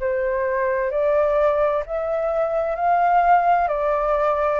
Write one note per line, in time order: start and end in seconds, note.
0.00 0.91 C5
0.91 1.83 D5
1.86 2.76 E5
2.76 3.68 F5
3.68 4.60 D5